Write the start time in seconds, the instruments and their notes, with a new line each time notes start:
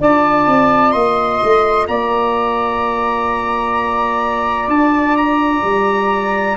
0.00 tuba D4, clarinet F4, flute D5, trumpet A5
0.46 tuba C4
0.91 tuba A#3, flute D#5, trumpet C6
1.43 tuba A3
1.88 tuba A#3, flute D5, trumpet A#5
4.67 tuba D4, trumpet A5
5.16 trumpet A#5
5.63 tuba G3